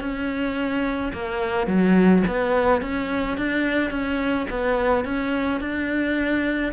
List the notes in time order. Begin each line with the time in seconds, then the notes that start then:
0.00 C#4
1.13 A#3
1.67 F#3
2.27 B3
2.81 C#4
3.37 D4
3.90 C#4
4.50 B3
5.04 C#4
5.61 D4